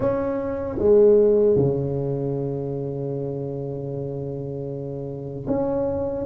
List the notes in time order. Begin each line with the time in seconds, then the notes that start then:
0.00 C#4
0.79 G#3
1.56 C#3
5.47 C#4